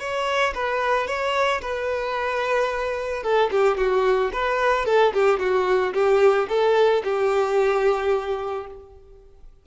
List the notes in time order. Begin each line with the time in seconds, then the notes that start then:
0.00 C#5
0.55 B4
1.08 C#5
1.62 B4
3.24 A4
3.51 G4
3.78 F#4
4.33 B4
4.86 A4
5.14 G4
5.40 F#4
5.94 G4
6.49 A4
7.05 G4